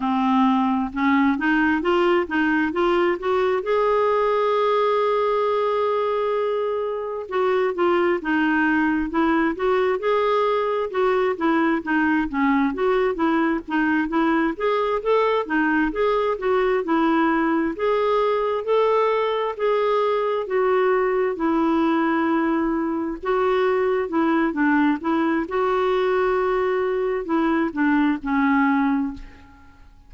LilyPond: \new Staff \with { instrumentName = "clarinet" } { \time 4/4 \tempo 4 = 66 c'4 cis'8 dis'8 f'8 dis'8 f'8 fis'8 | gis'1 | fis'8 f'8 dis'4 e'8 fis'8 gis'4 | fis'8 e'8 dis'8 cis'8 fis'8 e'8 dis'8 e'8 |
gis'8 a'8 dis'8 gis'8 fis'8 e'4 gis'8~ | gis'8 a'4 gis'4 fis'4 e'8~ | e'4. fis'4 e'8 d'8 e'8 | fis'2 e'8 d'8 cis'4 | }